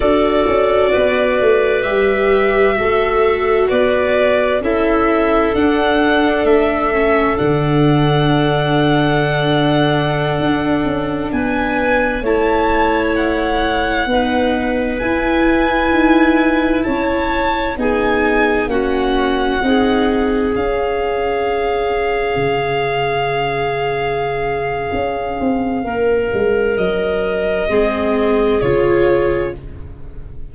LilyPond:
<<
  \new Staff \with { instrumentName = "violin" } { \time 4/4 \tempo 4 = 65 d''2 e''2 | d''4 e''4 fis''4 e''4 | fis''1~ | fis''16 gis''4 a''4 fis''4.~ fis''16~ |
fis''16 gis''2 a''4 gis''8.~ | gis''16 fis''2 f''4.~ f''16~ | f''1~ | f''4 dis''2 cis''4 | }
  \new Staff \with { instrumentName = "clarinet" } { \time 4/4 a'4 b'2 a'4 | b'4 a'2.~ | a'1~ | a'16 b'4 cis''2 b'8.~ |
b'2~ b'16 cis''4 gis'8.~ | gis'16 fis'4 gis'2~ gis'8.~ | gis'1 | ais'2 gis'2 | }
  \new Staff \with { instrumentName = "viola" } { \time 4/4 fis'2 g'4 fis'4~ | fis'4 e'4 d'4. cis'8 | d'1~ | d'4~ d'16 e'2 dis'8.~ |
dis'16 e'2. dis'8.~ | dis'16 cis'4 dis'4 cis'4.~ cis'16~ | cis'1~ | cis'2 c'4 f'4 | }
  \new Staff \with { instrumentName = "tuba" } { \time 4/4 d'8 cis'8 b8 a8 g4 a4 | b4 cis'4 d'4 a4 | d2.~ d16 d'8 cis'16~ | cis'16 b4 a2 b8.~ |
b16 e'4 dis'4 cis'4 b8.~ | b16 ais4 c'4 cis'4.~ cis'16~ | cis'16 cis2~ cis8. cis'8 c'8 | ais8 gis8 fis4 gis4 cis4 | }
>>